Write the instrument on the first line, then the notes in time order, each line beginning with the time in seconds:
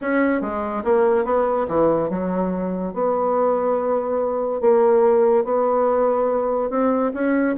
bassoon
0.01 C#4
0.41 G#3
0.84 A#3
1.25 B3
1.68 E3
2.09 F#3
2.93 B3
4.61 A#3
5.44 B3
6.70 C4
7.13 C#4